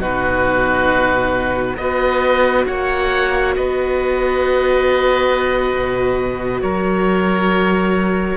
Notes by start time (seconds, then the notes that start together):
0.00 B2 D#4 F#4 B4
1.77 B3 F#4 B4 D#5
2.66 A#3 C#5 F#5
3.56 B3 B4 D#5
5.74 B2
6.61 F#3 A#4 C#5